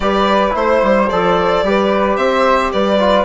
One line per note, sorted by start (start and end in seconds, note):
0.00 0.53 G3
0.00 0.50 G4
0.00 0.56 B4
0.00 0.55 D5
0.50 0.82 A3
0.50 1.05 E4
0.50 1.09 C5
0.50 1.65 C5
0.82 1.09 G3
1.09 1.63 F3
1.09 1.64 A4
1.09 2.16 D5
1.63 2.17 G3
1.63 2.99 G4
1.63 2.17 B4
2.16 2.71 C4
2.16 2.71 C5
2.16 2.71 E5
2.72 3.25 G3
2.72 3.25 B4
2.72 3.25 D5
2.99 3.25 F4